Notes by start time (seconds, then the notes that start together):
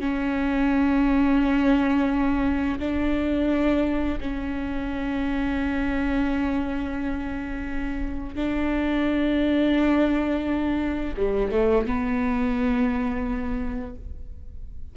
0.00 C#4
2.79 D4
4.21 C#4
8.36 D4
11.17 G3
11.52 A3
11.87 B3